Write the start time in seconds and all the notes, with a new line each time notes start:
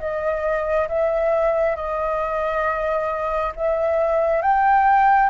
0.00 D#5
0.89 E5
1.76 D#5
3.56 E5
4.42 G5